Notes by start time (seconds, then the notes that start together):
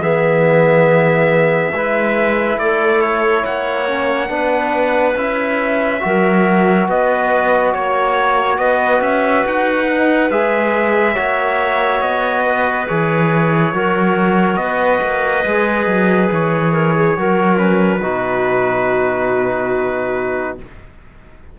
0.00 E3 B3 G#4 E5
1.72 G#3 E4 B4
2.57 A3 A4 D5
3.01 C#5
3.42 A#3 C#5 F#5
3.87 C#4
4.28 B3 D4 B4
5.14 C#4 E4 E5
6.00 F#3 F#4 A#4
6.88 B3 B4 D#5
7.74 A#3 C#5
8.58 B3 B4 D#5
9.01 C#4 E5
9.46 D#4 F#5
9.87 D#4
10.30 G#3 G#4 E5
11.14 A#3 F#4 C#5
12.01 B3 D#5
12.46 B4
12.87 E3 G#4 C#5
13.73 F#3 F#4 A#4
14.56 B3 B4 D#5
15.02 A#3
15.45 G#3 G#4
15.86 F#3
16.31 E3 C#5
16.72 A#4
16.95 G#4
17.17 F#3 F#4 A#4
17.57 C#4 B4
18.01 B2 D#4 F#4